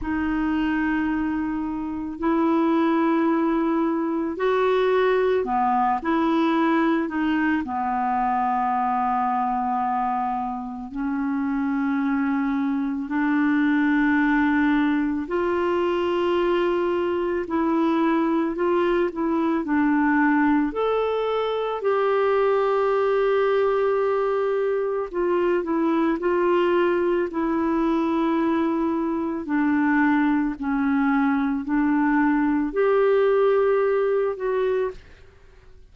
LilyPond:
\new Staff \with { instrumentName = "clarinet" } { \time 4/4 \tempo 4 = 55 dis'2 e'2 | fis'4 b8 e'4 dis'8 b4~ | b2 cis'2 | d'2 f'2 |
e'4 f'8 e'8 d'4 a'4 | g'2. f'8 e'8 | f'4 e'2 d'4 | cis'4 d'4 g'4. fis'8 | }